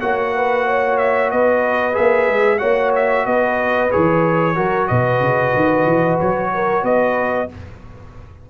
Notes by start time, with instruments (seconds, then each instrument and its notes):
0.00 tuba A#3, trombone F#4, horn C#5, trumpet F#5
0.36 horn B4
0.66 horn C#5
0.97 trumpet E5
1.31 tuba B3, horn B4, trumpet D#5
1.92 tuba A#3, trombone G#4, trumpet E5
2.28 tuba G#3
2.58 tuba A#3, trombone F#4, horn C#5, trumpet F#5
2.95 trumpet E5
3.26 tuba B3, horn B4, trumpet D#5
3.91 tuba E3, trombone G#4, trumpet C#5
4.55 tuba F#3, trombone F#4, horn A#4
4.87 tuba B2, horn B4, trumpet D#5
5.20 tuba C#3
5.54 tuba D#3
5.85 tuba E3
6.20 tuba F#3, trumpet C#5
6.53 horn A#4
6.83 tuba B3, horn B4, trumpet D#5